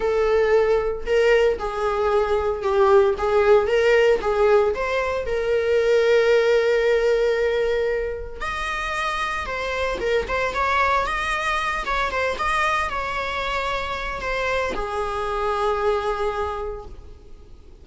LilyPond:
\new Staff \with { instrumentName = "viola" } { \time 4/4 \tempo 4 = 114 a'2 ais'4 gis'4~ | gis'4 g'4 gis'4 ais'4 | gis'4 c''4 ais'2~ | ais'1 |
dis''2 c''4 ais'8 c''8 | cis''4 dis''4. cis''8 c''8 dis''8~ | dis''8 cis''2~ cis''8 c''4 | gis'1 | }